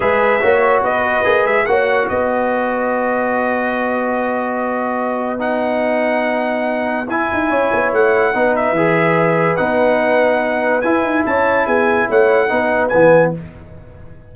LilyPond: <<
  \new Staff \with { instrumentName = "trumpet" } { \time 4/4 \tempo 4 = 144 e''2 dis''4. e''8 | fis''4 dis''2.~ | dis''1~ | dis''4 fis''2.~ |
fis''4 gis''2 fis''4~ | fis''8 e''2~ e''8 fis''4~ | fis''2 gis''4 a''4 | gis''4 fis''2 gis''4 | }
  \new Staff \with { instrumentName = "horn" } { \time 4/4 b'4 cis''4 b'2 | cis''4 b'2.~ | b'1~ | b'1~ |
b'2 cis''2 | b'1~ | b'2. cis''4 | gis'4 cis''4 b'2 | }
  \new Staff \with { instrumentName = "trombone" } { \time 4/4 gis'4 fis'2 gis'4 | fis'1~ | fis'1~ | fis'4 dis'2.~ |
dis'4 e'2. | dis'4 gis'2 dis'4~ | dis'2 e'2~ | e'2 dis'4 b4 | }
  \new Staff \with { instrumentName = "tuba" } { \time 4/4 gis4 ais4 b4 ais8 gis8 | ais4 b2.~ | b1~ | b1~ |
b4 e'8 dis'8 cis'8 b8 a4 | b4 e2 b4~ | b2 e'8 dis'8 cis'4 | b4 a4 b4 e4 | }
>>